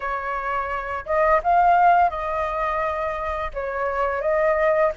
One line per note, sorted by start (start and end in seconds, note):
0.00 1.05 C#5
1.05 1.41 D#5
1.43 2.10 F5
2.10 3.51 D#5
3.53 4.21 C#5
4.21 4.92 D#5